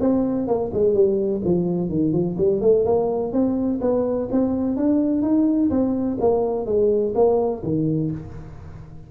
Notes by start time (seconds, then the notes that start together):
0.00 C4
0.48 A#3
0.74 G#3
0.94 G3
1.45 F3
1.89 D#3
2.13 F3
2.38 G3
2.61 A3
2.85 A#3
3.33 C4
3.81 B3
4.32 C4
4.77 D4
5.22 D#4
5.71 C4
6.20 A#3
6.66 G#3
7.16 A#3
7.64 D#3